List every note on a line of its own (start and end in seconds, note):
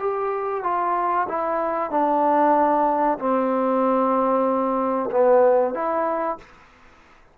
0.00 0.64 G4
0.64 1.28 F4
1.29 1.91 E4
1.91 3.19 D4
3.19 5.10 C4
5.11 5.74 B3
5.74 6.38 E4